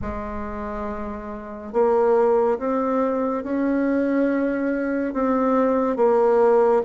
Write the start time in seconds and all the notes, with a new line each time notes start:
0.01 G#3
1.72 A#3
2.59 C4
3.43 C#4
5.13 C4
5.96 A#3